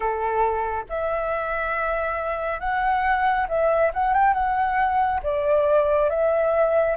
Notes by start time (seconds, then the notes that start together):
0.00 A4
0.89 E5
2.60 F#5
3.48 E5
3.93 F#5
4.13 G5
4.33 F#5
5.22 D5
6.09 E5